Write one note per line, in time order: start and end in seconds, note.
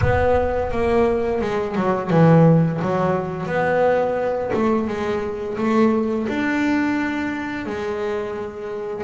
0.01 0.71 B3
0.71 1.41 A#3
1.41 1.75 G#3
1.75 2.10 F#3
2.10 2.80 E3
2.81 3.46 F#3
3.46 4.51 B3
4.53 4.87 A3
4.87 5.57 G#3
5.57 6.27 A3
6.28 7.66 D4
7.66 9.03 G#3